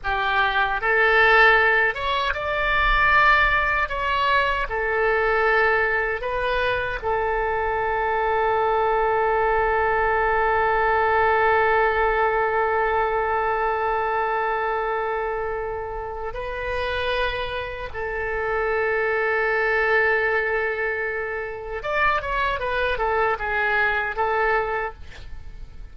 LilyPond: \new Staff \with { instrumentName = "oboe" } { \time 4/4 \tempo 4 = 77 g'4 a'4. cis''8 d''4~ | d''4 cis''4 a'2 | b'4 a'2.~ | a'1~ |
a'1~ | a'4 b'2 a'4~ | a'1 | d''8 cis''8 b'8 a'8 gis'4 a'4 | }